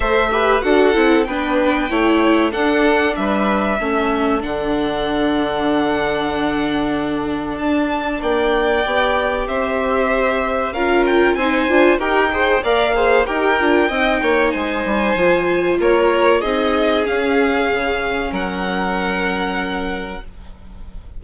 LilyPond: <<
  \new Staff \with { instrumentName = "violin" } { \time 4/4 \tempo 4 = 95 e''4 fis''4 g''2 | fis''4 e''2 fis''4~ | fis''1 | a''4 g''2 e''4~ |
e''4 f''8 g''8 gis''4 g''4 | f''4 g''2 gis''4~ | gis''4 cis''4 dis''4 f''4~ | f''4 fis''2. | }
  \new Staff \with { instrumentName = "violin" } { \time 4/4 c''8 b'8 a'4 b'4 cis''4 | a'4 b'4 a'2~ | a'1~ | a'4 d''2 c''4~ |
c''4 ais'4 c''4 ais'8 c''8 | d''8 c''8 ais'4 dis''8 cis''8 c''4~ | c''4 ais'4 gis'2~ | gis'4 ais'2. | }
  \new Staff \with { instrumentName = "viola" } { \time 4/4 a'8 g'8 fis'8 e'8 d'4 e'4 | d'2 cis'4 d'4~ | d'1~ | d'2 g'2~ |
g'4 f'4 dis'8 f'8 g'8 gis'8 | ais'8 gis'8 g'8 f'8 dis'2 | f'2 dis'4 cis'4~ | cis'1 | }
  \new Staff \with { instrumentName = "bassoon" } { \time 4/4 a4 d'8 c'8 b4 a4 | d'4 g4 a4 d4~ | d1 | d'4 ais4 b4 c'4~ |
c'4 cis'4 c'8 d'8 dis'4 | ais4 dis'8 d'8 c'8 ais8 gis8 g8 | f4 ais4 c'4 cis'4 | cis4 fis2. | }
>>